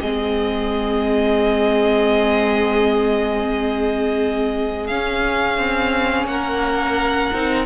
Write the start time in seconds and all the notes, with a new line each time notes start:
0.00 G#3 C4 G#4 D#5
4.86 C#4 F5
5.57 C4
6.25 A#3 A#4 F#5
7.33 C4 D#4